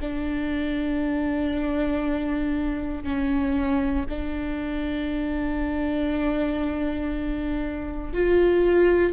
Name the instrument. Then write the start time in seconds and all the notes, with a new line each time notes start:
viola
0.00 D4
3.03 C#4
4.09 D4
8.13 F4